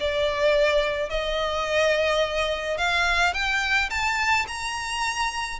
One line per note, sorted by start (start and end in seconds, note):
0.00 1.10 D5
1.10 2.78 D#5
2.78 3.34 F5
3.34 3.90 G5
3.90 4.46 A5
4.48 5.60 A#5